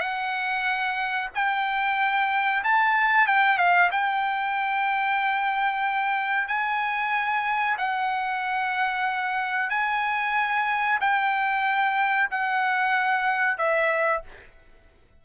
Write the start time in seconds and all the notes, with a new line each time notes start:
0.00 F#5
1.34 G5
2.64 A5
3.27 G5
3.57 F5
3.91 G5
6.48 G#5
7.78 F#5
9.70 G#5
11.00 G5
12.30 F#5
13.57 E5